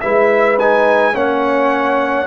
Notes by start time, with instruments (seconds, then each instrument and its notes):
0.00 tuba G#3, trombone E4, horn B4, trumpet E5
0.58 trombone D#4, trumpet G#5
1.13 tuba A#3, trombone C#4, horn C#5, trumpet F#5